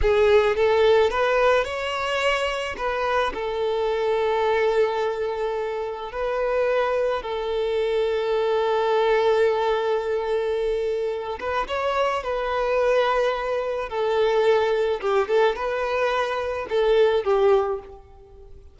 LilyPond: \new Staff \with { instrumentName = "violin" } { \time 4/4 \tempo 4 = 108 gis'4 a'4 b'4 cis''4~ | cis''4 b'4 a'2~ | a'2. b'4~ | b'4 a'2.~ |
a'1~ | a'8 b'8 cis''4 b'2~ | b'4 a'2 g'8 a'8 | b'2 a'4 g'4 | }